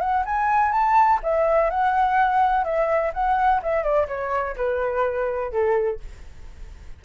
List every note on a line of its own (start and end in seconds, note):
0.00 0.24 F#5
0.26 0.72 G#5
0.72 1.20 A5
1.23 1.70 E5
1.70 2.64 F#5
2.64 3.12 E5
3.14 3.62 F#5
3.63 3.83 E5
3.83 4.07 D5
4.08 4.56 C#5
4.56 5.52 B4
5.52 6.00 A4